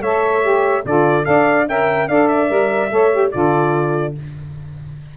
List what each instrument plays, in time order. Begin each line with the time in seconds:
0.00 tuba A3, saxophone A4 C#5, trumpet E5
0.42 saxophone G4
0.85 tuba D3, saxophone F4 A4, trumpet D5
1.23 tuba D4, saxophone A4 D5, trumpet F5
1.68 tuba C#4, saxophone A#4 E5, trumpet G5
2.08 tuba D4, saxophone A4 D5, trumpet F5
2.28 trumpet E5
2.48 tuba G3, saxophone A#4
2.90 tuba A3, saxophone A4 C#5
3.11 saxophone G4
3.31 tuba D3, saxophone F4 A4, trumpet D5